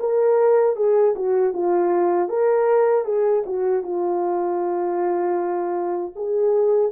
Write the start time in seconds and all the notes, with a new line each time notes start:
0.00 A#4
0.76 G#4
1.16 F#4
1.53 F4
2.29 A#4
3.05 G#4
3.46 F#4
3.83 F4
6.16 G#4